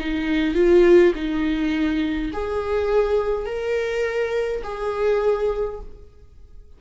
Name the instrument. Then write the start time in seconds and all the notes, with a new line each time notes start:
viola
0.00 D#4
0.55 F4
1.15 D#4
2.33 G#4
3.46 A#4
4.64 G#4